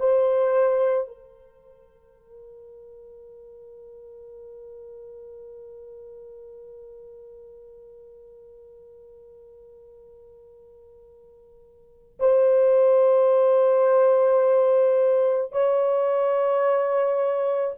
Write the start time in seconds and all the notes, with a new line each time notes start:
0.00 C5
1.08 A#4
12.20 C5
15.53 C#5